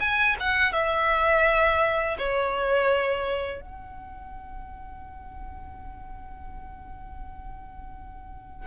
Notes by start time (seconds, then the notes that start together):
0.00 G#5
0.40 F#5
0.73 E5
2.18 C#5
3.61 F#5